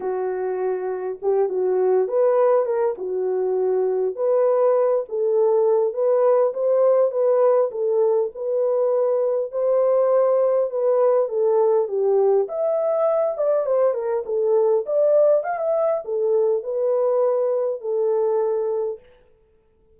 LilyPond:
\new Staff \with { instrumentName = "horn" } { \time 4/4 \tempo 4 = 101 fis'2 g'8 fis'4 b'8~ | b'8 ais'8 fis'2 b'4~ | b'8 a'4. b'4 c''4 | b'4 a'4 b'2 |
c''2 b'4 a'4 | g'4 e''4. d''8 c''8 ais'8 | a'4 d''4 f''16 e''8. a'4 | b'2 a'2 | }